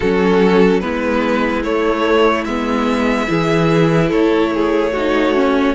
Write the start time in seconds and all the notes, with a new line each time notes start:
0.00 F#3 C#4 F#4 A4
0.80 G#3 B3 E4 B4
1.63 A3 C#5
2.44 G#3 B3 E5
3.27 E3 E4 G#4
4.09 A3 A4 C#5
4.53 G#4
4.92 D#4 F#4
5.34 C#4